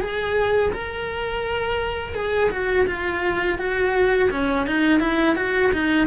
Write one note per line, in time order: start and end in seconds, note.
0.00 0.71 G#4
0.73 2.14 A#4
2.14 2.50 G#4
2.50 2.86 F#4
2.87 3.58 F4
3.58 4.30 F#4
4.31 4.66 C#4
4.66 5.00 D#4
5.00 5.35 E4
5.36 5.71 F#4
5.72 6.07 D#4